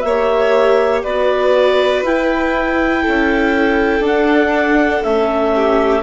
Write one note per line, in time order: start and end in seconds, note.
0.00 1.03 A#3
0.00 1.03 C#5
0.00 1.00 E5
0.08 1.06 G4
1.03 2.02 B3
1.03 2.06 F#4
1.03 3.02 B4
1.03 2.03 D5
2.02 3.02 E4
2.02 4.02 E4
2.02 4.05 G5
3.02 4.00 C#4
3.02 5.52 A4
4.00 5.00 D4
4.00 5.02 D4
4.00 5.03 F#5
5.03 6.03 A3
5.03 6.03 C#4
5.03 6.03 E5
5.55 6.03 G4